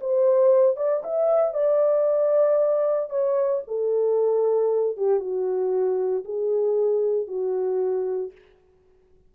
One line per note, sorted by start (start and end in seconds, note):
0.00 0.76 C5
0.76 1.02 D5
1.04 1.54 E5
1.54 3.10 D5
3.10 3.62 C#5
3.67 4.97 A4
4.97 5.20 G4
5.20 6.24 F#4
6.25 7.27 G#4
7.27 8.32 F#4